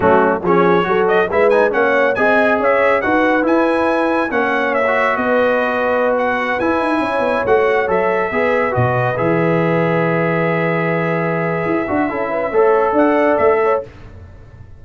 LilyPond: <<
  \new Staff \with { instrumentName = "trumpet" } { \time 4/4 \tempo 4 = 139 fis'4 cis''4. dis''8 e''8 gis''8 | fis''4 gis''4 e''4 fis''4 | gis''2 fis''4 e''4 | dis''2~ dis''16 fis''4 gis''8.~ |
gis''4~ gis''16 fis''4 e''4.~ e''16~ | e''16 dis''4 e''2~ e''8.~ | e''1~ | e''2 fis''4 e''4 | }
  \new Staff \with { instrumentName = "horn" } { \time 4/4 cis'4 gis'4 a'4 b'4 | cis''4 dis''4 cis''4 b'4~ | b'2 cis''2 | b'1~ |
b'16 cis''2. b'8.~ | b'1~ | b'1 | a'8 b'8 cis''4 d''4. cis''8 | }
  \new Staff \with { instrumentName = "trombone" } { \time 4/4 a4 cis'4 fis'4 e'8 dis'8 | cis'4 gis'2 fis'4 | e'2 cis'4~ cis'16 fis'8.~ | fis'2.~ fis'16 e'8.~ |
e'4~ e'16 fis'4 a'4 gis'8.~ | gis'16 fis'4 gis'2~ gis'8.~ | gis'2.~ gis'8 fis'8 | e'4 a'2. | }
  \new Staff \with { instrumentName = "tuba" } { \time 4/4 fis4 f4 fis4 gis4 | ais4 c'4 cis'4 dis'4 | e'2 ais2 | b2.~ b16 e'8 dis'16~ |
dis'16 cis'8 b8 a4 fis4 b8.~ | b16 b,4 e2~ e8.~ | e2. e'8 d'8 | cis'4 a4 d'4 a4 | }
>>